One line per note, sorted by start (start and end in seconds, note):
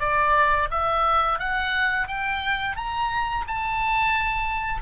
0.00 0.69 D5
0.71 1.39 E5
1.39 2.08 F#5
2.08 2.76 G5
2.76 3.45 A#5
3.48 4.82 A5